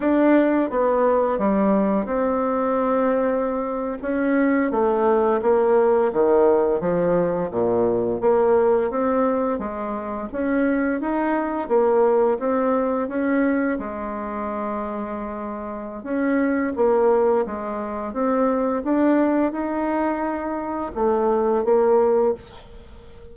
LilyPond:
\new Staff \with { instrumentName = "bassoon" } { \time 4/4 \tempo 4 = 86 d'4 b4 g4 c'4~ | c'4.~ c'16 cis'4 a4 ais16~ | ais8. dis4 f4 ais,4 ais16~ | ais8. c'4 gis4 cis'4 dis'16~ |
dis'8. ais4 c'4 cis'4 gis16~ | gis2. cis'4 | ais4 gis4 c'4 d'4 | dis'2 a4 ais4 | }